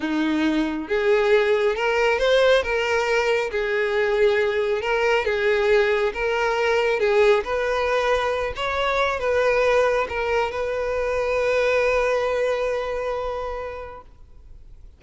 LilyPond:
\new Staff \with { instrumentName = "violin" } { \time 4/4 \tempo 4 = 137 dis'2 gis'2 | ais'4 c''4 ais'2 | gis'2. ais'4 | gis'2 ais'2 |
gis'4 b'2~ b'8 cis''8~ | cis''4 b'2 ais'4 | b'1~ | b'1 | }